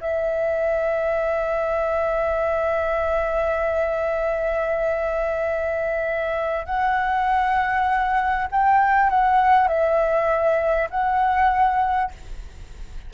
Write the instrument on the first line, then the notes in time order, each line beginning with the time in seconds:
flute
0.00 E5
6.65 F#5
8.51 G5
9.09 F#5
9.67 E5
10.90 F#5